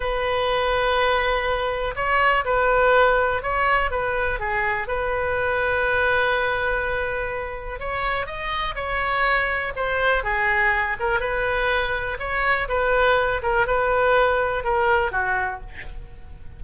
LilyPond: \new Staff \with { instrumentName = "oboe" } { \time 4/4 \tempo 4 = 123 b'1 | cis''4 b'2 cis''4 | b'4 gis'4 b'2~ | b'1 |
cis''4 dis''4 cis''2 | c''4 gis'4. ais'8 b'4~ | b'4 cis''4 b'4. ais'8 | b'2 ais'4 fis'4 | }